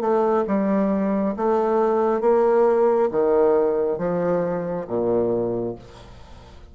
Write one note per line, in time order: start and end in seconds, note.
0.00 0.44 A3
0.47 1.35 G3
1.36 2.20 A3
2.20 3.08 A#3
3.11 3.97 D#3
3.97 4.86 F3
4.87 5.75 A#2